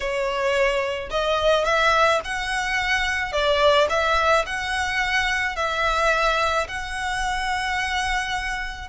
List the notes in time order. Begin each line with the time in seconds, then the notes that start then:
0.00 C#5
1.10 D#5
1.64 E5
2.24 F#5
3.32 D5
3.89 E5
4.46 F#5
5.56 E5
6.68 F#5